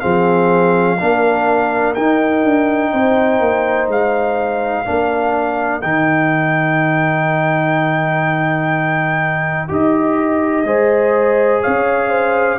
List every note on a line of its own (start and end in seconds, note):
0.00 1.01 F3
0.00 0.97 C4
0.00 0.98 G#4
0.00 1.94 F5
0.98 1.96 A#3
0.98 1.95 D4
0.98 2.92 A#4
1.94 4.85 D#4
1.94 2.44 D#4
1.94 3.88 G5
2.44 2.92 D4
2.93 3.40 C4
2.93 4.87 C5
3.40 3.88 A#3
3.88 4.84 G#3
3.88 5.81 F5
4.85 5.83 A#3
4.85 5.82 D4
4.85 10.66 A#4
5.81 9.70 D#3
5.81 9.68 D#4
5.81 9.68 G5
9.68 10.64 D#4
9.68 10.65 G4
9.68 11.62 D#5
10.64 11.61 G#3
10.64 12.58 G#4
10.64 11.61 C5
11.61 12.58 C#4
11.61 12.09 C#5
11.61 12.58 F5
12.09 12.57 C5